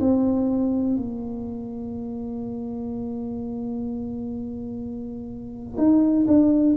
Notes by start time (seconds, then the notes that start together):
0.00 C4
0.96 A#3
5.78 D#4
6.28 D4